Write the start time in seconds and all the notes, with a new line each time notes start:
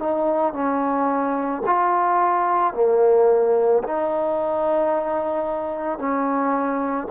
0.00 D#4
0.54 C#4
1.66 F4
2.74 A#3
3.84 D#4
5.99 C#4